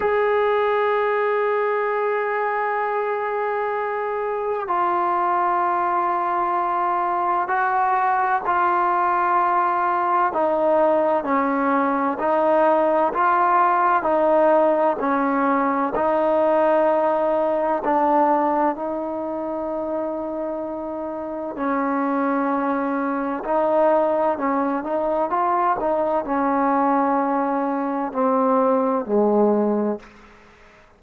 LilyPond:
\new Staff \with { instrumentName = "trombone" } { \time 4/4 \tempo 4 = 64 gis'1~ | gis'4 f'2. | fis'4 f'2 dis'4 | cis'4 dis'4 f'4 dis'4 |
cis'4 dis'2 d'4 | dis'2. cis'4~ | cis'4 dis'4 cis'8 dis'8 f'8 dis'8 | cis'2 c'4 gis4 | }